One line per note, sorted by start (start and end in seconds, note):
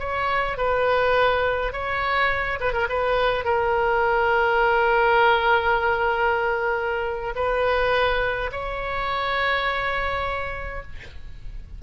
0.00 0.58 C#5
0.58 1.73 B4
1.73 2.60 C#5
2.61 2.73 B4
2.73 2.88 A#4
2.89 3.45 B4
3.45 7.35 A#4
7.36 8.51 B4
8.52 10.83 C#5